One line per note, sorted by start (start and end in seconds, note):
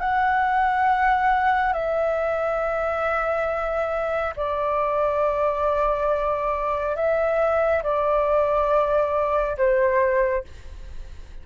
0.00 1.73 F#5
1.73 4.34 E5
4.36 6.96 D5
6.96 7.83 E5
7.83 9.57 D5
9.57 10.44 C5